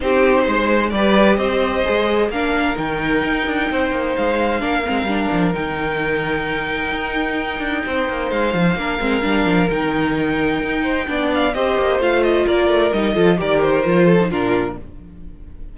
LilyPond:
<<
  \new Staff \with { instrumentName = "violin" } { \time 4/4 \tempo 4 = 130 c''2 d''4 dis''4~ | dis''4 f''4 g''2~ | g''4 f''2. | g''1~ |
g''2 f''2~ | f''4 g''2.~ | g''8 f''8 dis''4 f''8 dis''8 d''4 | dis''4 d''8 c''4. ais'4 | }
  \new Staff \with { instrumentName = "violin" } { \time 4/4 g'4 c''4 b'4 c''4~ | c''4 ais'2. | c''2 ais'2~ | ais'1~ |
ais'4 c''2 ais'4~ | ais'2.~ ais'8 c''8 | d''4 c''2 ais'4~ | ais'8 a'8 ais'4. a'8 f'4 | }
  \new Staff \with { instrumentName = "viola" } { \time 4/4 dis'2 g'2 | gis'4 d'4 dis'2~ | dis'2 d'8 c'8 d'4 | dis'1~ |
dis'2. d'8 c'8 | d'4 dis'2. | d'4 g'4 f'2 | dis'8 f'8 g'4 f'8. dis'16 d'4 | }
  \new Staff \with { instrumentName = "cello" } { \time 4/4 c'4 gis4 g4 c'4 | gis4 ais4 dis4 dis'8 d'8 | c'8 ais8 gis4 ais8 gis8 g8 f8 | dis2. dis'4~ |
dis'8 d'8 c'8 ais8 gis8 f8 ais8 gis8 | g8 f8 dis2 dis'4 | b4 c'8 ais8 a4 ais8 a8 | g8 f8 dis4 f4 ais,4 | }
>>